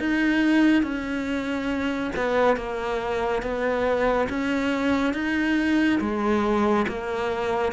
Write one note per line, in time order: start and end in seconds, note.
0.00 0.83 D#4
0.83 2.12 C#4
2.16 2.57 B3
2.57 3.42 A#3
3.42 4.28 B3
4.30 5.14 C#4
5.14 6.00 D#4
6.01 6.86 G#3
6.88 7.73 A#3